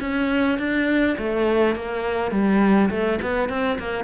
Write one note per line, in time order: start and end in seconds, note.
0.00 0.58 C#4
0.58 1.17 D4
1.18 1.75 A3
1.75 2.31 A#3
2.31 2.89 G3
2.90 3.19 A3
3.22 3.49 B3
3.49 3.78 C4
3.79 4.04 A#3